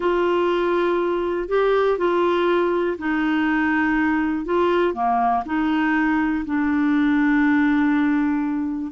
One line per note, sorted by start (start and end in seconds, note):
0.00 1.48 F4
1.48 1.98 G4
1.98 2.97 F4
2.98 4.45 D#4
4.45 4.93 F4
4.93 5.43 A#3
5.45 6.44 D#4
6.45 8.91 D4